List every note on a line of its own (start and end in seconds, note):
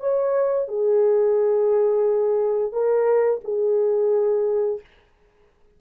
0.00 0.68 C#5
0.68 2.73 G#4
2.73 3.41 A#4
3.44 4.80 G#4